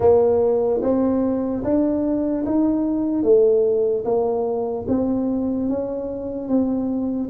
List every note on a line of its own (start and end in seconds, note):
0.00 0.81 A#3
0.82 1.63 C4
1.64 2.45 D4
2.45 3.23 D#4
3.23 4.04 A3
4.05 4.86 A#3
4.88 5.69 C4
5.69 6.48 C#4
6.48 7.29 C4